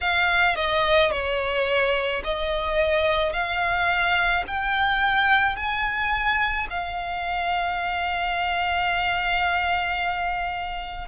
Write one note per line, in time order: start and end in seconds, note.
0.01 0.55 F5
0.55 1.11 D#5
1.11 2.22 C#5
2.24 3.32 D#5
3.32 4.43 F5
4.47 5.56 G5
5.56 6.67 G#5
6.69 11.08 F5